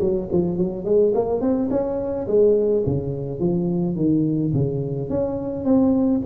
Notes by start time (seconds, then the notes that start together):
0.00 F#3
0.32 F3
0.57 F#3
0.84 G#3
1.14 A#3
1.40 C4
1.70 C#4
2.27 G#3
2.86 C#3
3.39 F3
3.95 D#3
4.54 C#3
5.09 C#4
5.64 C4